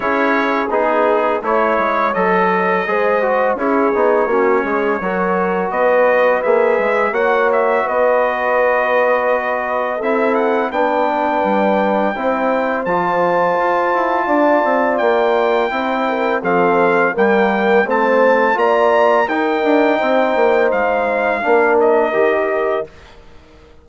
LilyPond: <<
  \new Staff \with { instrumentName = "trumpet" } { \time 4/4 \tempo 4 = 84 cis''4 gis'4 cis''4 dis''4~ | dis''4 cis''2. | dis''4 e''4 fis''8 e''8 dis''4~ | dis''2 e''8 fis''8 g''4~ |
g''2 a''2~ | a''4 g''2 f''4 | g''4 a''4 ais''4 g''4~ | g''4 f''4. dis''4. | }
  \new Staff \with { instrumentName = "horn" } { \time 4/4 gis'2 cis''2 | c''4 gis'4 fis'8 gis'8 ais'4 | b'2 cis''4 b'4~ | b'2 a'4 b'4~ |
b'4 c''2. | d''2 c''8 ais'8 a'4 | ais'4 c''4 d''4 ais'4 | c''2 ais'2 | }
  \new Staff \with { instrumentName = "trombone" } { \time 4/4 e'4 dis'4 e'4 a'4 | gis'8 fis'8 e'8 dis'8 cis'4 fis'4~ | fis'4 gis'4 fis'2~ | fis'2 e'4 d'4~ |
d'4 e'4 f'2~ | f'2 e'4 c'4 | ais4 c'4 f'4 dis'4~ | dis'2 d'4 g'4 | }
  \new Staff \with { instrumentName = "bassoon" } { \time 4/4 cis'4 b4 a8 gis8 fis4 | gis4 cis'8 b8 ais8 gis8 fis4 | b4 ais8 gis8 ais4 b4~ | b2 c'4 b4 |
g4 c'4 f4 f'8 e'8 | d'8 c'8 ais4 c'4 f4 | g4 a4 ais4 dis'8 d'8 | c'8 ais8 gis4 ais4 dis4 | }
>>